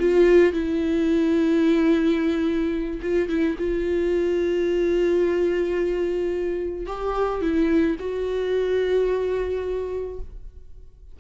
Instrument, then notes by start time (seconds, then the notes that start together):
viola
0.00 F4
0.53 E4
3.02 F4
3.29 E4
3.59 F4
6.87 G4
7.42 E4
8.00 F#4